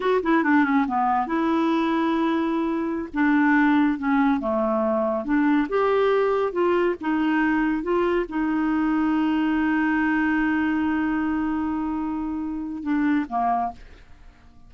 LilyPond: \new Staff \with { instrumentName = "clarinet" } { \time 4/4 \tempo 4 = 140 fis'8 e'8 d'8 cis'8 b4 e'4~ | e'2.~ e'16 d'8.~ | d'4~ d'16 cis'4 a4.~ a16~ | a16 d'4 g'2 f'8.~ |
f'16 dis'2 f'4 dis'8.~ | dis'1~ | dis'1~ | dis'2 d'4 ais4 | }